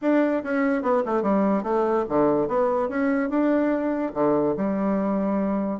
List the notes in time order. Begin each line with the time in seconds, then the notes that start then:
0.01 D4
0.43 C#4
0.82 B3
1.05 A3
1.22 G3
1.63 A3
2.09 D3
2.48 B3
2.89 C#4
3.29 D4
4.14 D3
4.56 G3